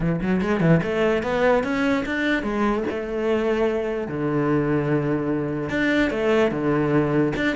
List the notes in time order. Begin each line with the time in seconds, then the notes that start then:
0.00 E3
0.21 F#3
0.41 G#3
0.60 E3
0.82 A3
1.22 B3
1.63 C#4
2.05 D4
2.42 G#3
2.90 A3
4.07 D3
5.69 D4
6.10 A3
6.51 D3
7.36 D4